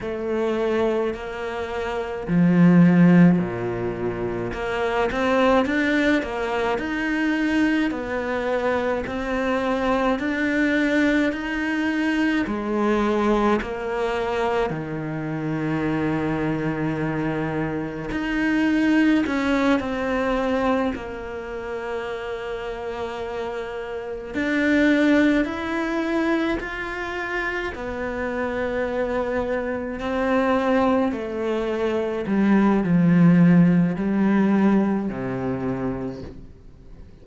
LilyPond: \new Staff \with { instrumentName = "cello" } { \time 4/4 \tempo 4 = 53 a4 ais4 f4 ais,4 | ais8 c'8 d'8 ais8 dis'4 b4 | c'4 d'4 dis'4 gis4 | ais4 dis2. |
dis'4 cis'8 c'4 ais4.~ | ais4. d'4 e'4 f'8~ | f'8 b2 c'4 a8~ | a8 g8 f4 g4 c4 | }